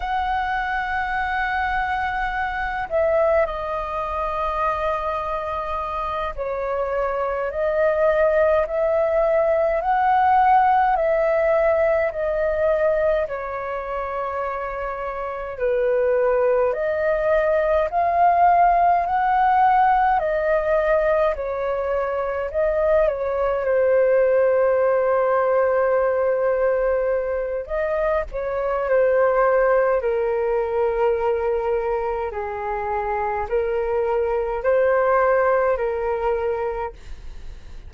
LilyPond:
\new Staff \with { instrumentName = "flute" } { \time 4/4 \tempo 4 = 52 fis''2~ fis''8 e''8 dis''4~ | dis''4. cis''4 dis''4 e''8~ | e''8 fis''4 e''4 dis''4 cis''8~ | cis''4. b'4 dis''4 f''8~ |
f''8 fis''4 dis''4 cis''4 dis''8 | cis''8 c''2.~ c''8 | dis''8 cis''8 c''4 ais'2 | gis'4 ais'4 c''4 ais'4 | }